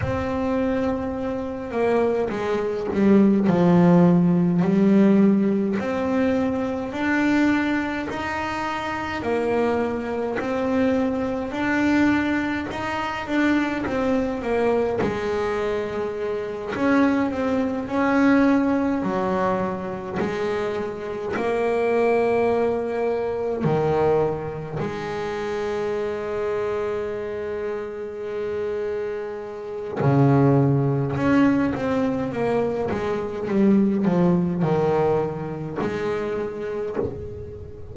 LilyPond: \new Staff \with { instrumentName = "double bass" } { \time 4/4 \tempo 4 = 52 c'4. ais8 gis8 g8 f4 | g4 c'4 d'4 dis'4 | ais4 c'4 d'4 dis'8 d'8 | c'8 ais8 gis4. cis'8 c'8 cis'8~ |
cis'8 fis4 gis4 ais4.~ | ais8 dis4 gis2~ gis8~ | gis2 cis4 cis'8 c'8 | ais8 gis8 g8 f8 dis4 gis4 | }